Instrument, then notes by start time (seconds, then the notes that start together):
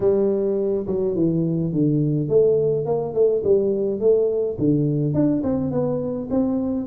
tuba
0.00 G3
0.86 F#3
1.15 E3
1.72 D3
2.29 A3
2.85 A#3
3.14 A3
3.43 G3
4.00 A3
4.58 D3
5.14 D4
5.43 C4
5.71 B3
6.30 C4